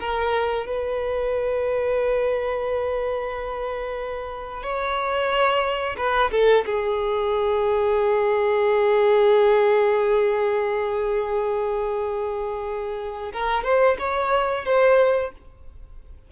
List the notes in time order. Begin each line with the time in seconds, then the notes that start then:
0.00 A#4
0.66 B4
4.63 C#5
5.97 B4
6.32 A4
6.65 G#4
13.33 A#4
13.64 C5
13.99 C#5
14.65 C5